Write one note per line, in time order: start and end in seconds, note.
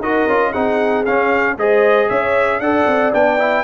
0.00 0.26 D#4
0.00 0.29 F#4
0.00 0.51 A#4
0.00 0.53 D#5
0.28 0.54 C#4
0.28 0.54 F4
0.51 1.06 C4
0.51 1.06 D#4
0.51 1.55 G#4
0.51 1.05 F#5
1.06 1.59 C#4
1.06 1.57 C#4
1.06 1.57 F5
1.57 2.09 G#3
1.57 2.62 G#4
1.57 2.09 C5
1.57 2.10 D#5
2.09 2.60 C#4
2.09 2.61 C#5
2.09 2.61 E5
2.60 2.86 D4
2.60 3.14 A4
2.60 3.64 D5
2.60 3.13 F#5
2.87 3.13 C4
3.14 3.64 B3
3.14 3.39 D4
3.14 3.64 G5
3.39 3.64 E4